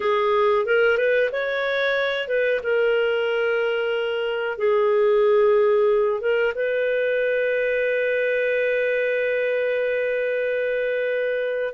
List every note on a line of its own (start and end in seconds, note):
0.00 0.65 G#4
0.65 0.97 A#4
0.97 1.30 B4
1.32 2.28 C#5
2.28 2.60 B4
2.63 4.57 A#4
4.57 6.20 G#4
6.20 6.53 A#4
6.55 11.74 B4